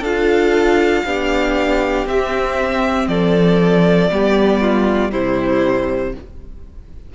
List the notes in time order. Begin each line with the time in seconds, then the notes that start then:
0.00 D4 F4 A4 F5
1.05 B3 D4 G4
2.06 C4 E5
3.07 F3 A4 D5
4.10 G3 B3 G4
4.61 F4
5.11 C3 G3 E4 C5